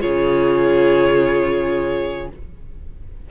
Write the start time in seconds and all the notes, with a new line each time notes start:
0.00 C#3 F4 G#4 C#5